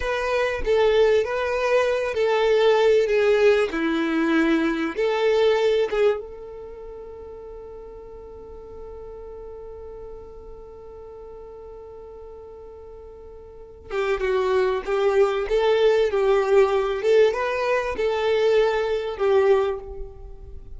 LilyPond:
\new Staff \with { instrumentName = "violin" } { \time 4/4 \tempo 4 = 97 b'4 a'4 b'4. a'8~ | a'4 gis'4 e'2 | a'4. gis'8 a'2~ | a'1~ |
a'1~ | a'2~ a'8 g'8 fis'4 | g'4 a'4 g'4. a'8 | b'4 a'2 g'4 | }